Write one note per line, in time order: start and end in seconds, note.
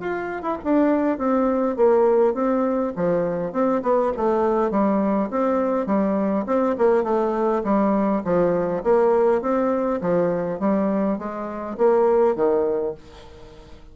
0.00 0.42 F4
0.42 0.57 E4
0.64 1.18 D4
1.18 1.76 C4
1.76 2.34 A#3
2.34 2.93 C4
2.96 3.52 F3
3.52 3.82 C4
3.82 4.12 B3
4.17 4.71 A3
4.71 5.29 G3
5.30 5.86 C4
5.86 6.45 G3
6.46 6.75 C4
6.78 7.03 A#3
7.03 7.62 A3
7.64 8.22 G3
8.24 8.83 F3
8.83 9.41 A#3
9.41 10.00 C4
10.01 10.59 F3
10.59 11.18 G3
11.18 11.77 G#3
11.78 12.36 A#3
12.36 12.94 D#3